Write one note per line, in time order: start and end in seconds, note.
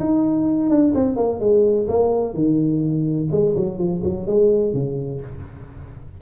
0.00 0.70 D#4
0.70 0.94 D4
0.95 1.17 C4
1.17 1.40 A#3
1.40 1.87 G#3
1.88 2.34 A#3
2.34 3.29 D#3
3.32 3.55 G#3
3.57 3.78 F#3
3.78 4.02 F3
4.04 4.27 F#3
4.27 4.74 G#3
4.74 5.21 C#3